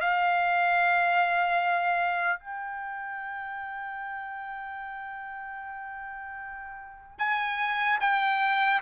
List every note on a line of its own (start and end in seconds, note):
0.00 2.39 F5
2.39 7.18 G5
7.18 7.98 G#5
8.00 8.80 G5